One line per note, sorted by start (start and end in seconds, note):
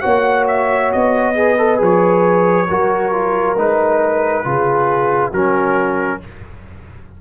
0.00 0.93 A#3
0.00 1.34 F#4
0.00 1.34 C#5
0.00 0.44 F#5
0.47 0.92 E5
0.92 1.81 B3
0.92 1.80 D#5
1.35 1.57 G#4
1.35 2.69 B4
1.58 1.77 A4
1.77 2.69 F3
1.77 2.65 G#4
1.77 3.58 C#5
2.69 3.58 F#3
2.69 3.12 F#4
2.69 4.46 A#4
3.12 3.56 F4
3.58 4.45 G#3
3.58 4.44 D#4
3.58 5.33 B4
4.44 5.32 C#3
4.44 5.32 F4
4.44 5.30 G#4
5.30 6.21 F#3
5.30 6.21 C#4
5.30 6.19 F#4
5.30 6.21 A#4